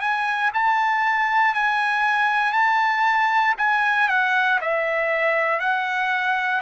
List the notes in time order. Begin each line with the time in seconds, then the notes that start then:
0.00 G#5
0.54 A5
1.54 G#5
2.53 A5
3.58 G#5
4.08 F#5
4.61 E5
5.60 F#5